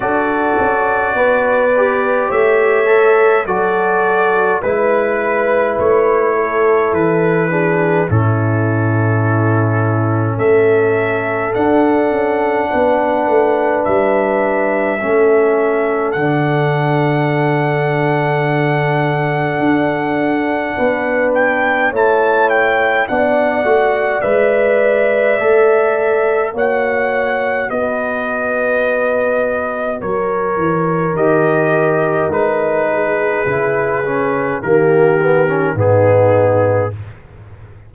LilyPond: <<
  \new Staff \with { instrumentName = "trumpet" } { \time 4/4 \tempo 4 = 52 d''2 e''4 d''4 | b'4 cis''4 b'4 a'4~ | a'4 e''4 fis''2 | e''2 fis''2~ |
fis''2~ fis''8 g''8 a''8 g''8 | fis''4 e''2 fis''4 | dis''2 cis''4 dis''4 | b'2 ais'4 gis'4 | }
  \new Staff \with { instrumentName = "horn" } { \time 4/4 a'4 b'4 cis''4 a'4 | b'4. a'4 gis'8 e'4~ | e'4 a'2 b'4~ | b'4 a'2.~ |
a'2 b'4 cis''4 | d''2. cis''4 | b'2 ais'2~ | ais'8 gis'4. g'4 dis'4 | }
  \new Staff \with { instrumentName = "trombone" } { \time 4/4 fis'4. g'4 a'8 fis'4 | e'2~ e'8 d'8 cis'4~ | cis'2 d'2~ | d'4 cis'4 d'2~ |
d'2. e'4 | d'8 fis'8 b'4 a'4 fis'4~ | fis'2. g'4 | dis'4 e'8 cis'8 ais8 b16 cis'16 b4 | }
  \new Staff \with { instrumentName = "tuba" } { \time 4/4 d'8 cis'8 b4 a4 fis4 | gis4 a4 e4 a,4~ | a,4 a4 d'8 cis'8 b8 a8 | g4 a4 d2~ |
d4 d'4 b4 a4 | b8 a8 gis4 a4 ais4 | b2 fis8 e8 dis4 | gis4 cis4 dis4 gis,4 | }
>>